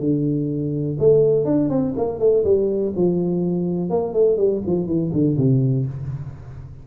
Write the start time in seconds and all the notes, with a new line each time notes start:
0.00 D3
0.99 A3
1.45 D4
1.69 C4
1.97 A#3
2.20 A3
2.44 G3
2.96 F3
3.90 A#3
4.14 A3
4.37 G3
4.66 F3
4.87 E3
5.13 D3
5.37 C3